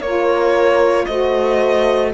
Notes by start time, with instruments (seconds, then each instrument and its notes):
0.00 cello A#3, saxophone F4, horn A#4, violin C#5
1.05 cello A3, saxophone F#4, horn C5, violin D#5